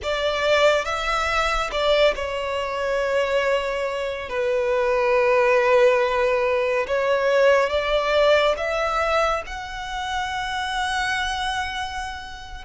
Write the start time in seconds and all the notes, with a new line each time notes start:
0.02 D5
0.84 E5
1.71 D5
2.15 C#5
4.29 B4
6.87 C#5
7.69 D5
8.57 E5
9.46 F#5